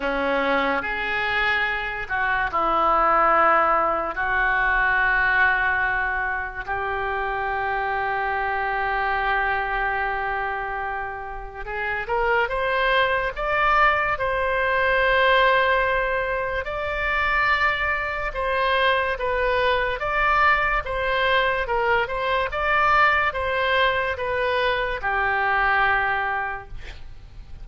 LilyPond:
\new Staff \with { instrumentName = "oboe" } { \time 4/4 \tempo 4 = 72 cis'4 gis'4. fis'8 e'4~ | e'4 fis'2. | g'1~ | g'2 gis'8 ais'8 c''4 |
d''4 c''2. | d''2 c''4 b'4 | d''4 c''4 ais'8 c''8 d''4 | c''4 b'4 g'2 | }